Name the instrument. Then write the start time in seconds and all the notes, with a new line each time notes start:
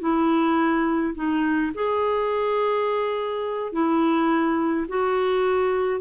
clarinet
0.00 E4
1.15 D#4
1.75 G#4
3.72 E4
4.89 F#4